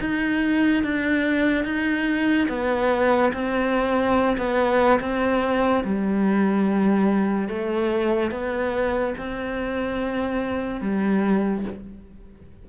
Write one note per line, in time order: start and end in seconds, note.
0.00 0.83 D#4
0.83 1.64 D4
1.64 2.48 D#4
2.48 3.32 B3
3.33 4.37 C4
4.37 5.00 B3
5.00 5.83 C4
5.84 7.48 G3
7.48 8.31 A3
8.31 9.14 B3
9.17 10.81 C4
10.81 11.64 G3